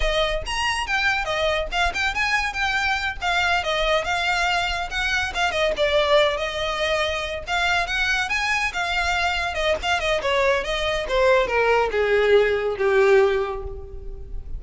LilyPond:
\new Staff \with { instrumentName = "violin" } { \time 4/4 \tempo 4 = 141 dis''4 ais''4 g''4 dis''4 | f''8 g''8 gis''4 g''4. f''8~ | f''8 dis''4 f''2 fis''8~ | fis''8 f''8 dis''8 d''4. dis''4~ |
dis''4. f''4 fis''4 gis''8~ | gis''8 f''2 dis''8 f''8 dis''8 | cis''4 dis''4 c''4 ais'4 | gis'2 g'2 | }